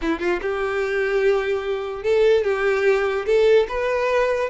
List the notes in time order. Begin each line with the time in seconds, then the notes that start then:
0.01 E4
0.19 F4
0.41 G4
2.03 A4
2.44 G4
3.26 A4
3.68 B4